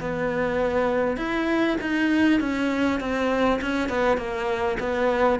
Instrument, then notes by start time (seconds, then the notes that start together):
cello
0.00 B3
1.17 E4
1.81 D#4
2.40 C#4
3.00 C4
3.61 C#4
3.89 B3
4.17 A#3
4.79 B3